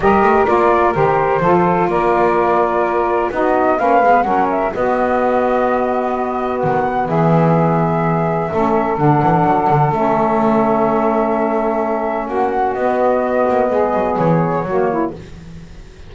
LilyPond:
<<
  \new Staff \with { instrumentName = "flute" } { \time 4/4 \tempo 4 = 127 dis''4 d''4 c''2 | d''2. dis''4 | f''4 fis''8 e''8 dis''2~ | dis''2 fis''4 e''4~ |
e''2. fis''4~ | fis''4 e''2.~ | e''2 fis''4 dis''4~ | dis''2 cis''2 | }
  \new Staff \with { instrumentName = "saxophone" } { \time 4/4 ais'2. a'4 | ais'2. fis'4 | b'4 ais'4 fis'2~ | fis'2. gis'4~ |
gis'2 a'2~ | a'1~ | a'2 fis'2~ | fis'4 gis'2 fis'8 e'8 | }
  \new Staff \with { instrumentName = "saxophone" } { \time 4/4 g'4 f'4 g'4 f'4~ | f'2. dis'4 | cis'8 b8 cis'4 b2~ | b1~ |
b2 cis'4 d'4~ | d'4 cis'2.~ | cis'2. b4~ | b2. ais4 | }
  \new Staff \with { instrumentName = "double bass" } { \time 4/4 g8 a8 ais4 dis4 f4 | ais2. b4 | ais8 gis8 fis4 b2~ | b2 dis4 e4~ |
e2 a4 d8 e8 | fis8 d8 a2.~ | a2 ais4 b4~ | b8 ais8 gis8 fis8 e4 fis4 | }
>>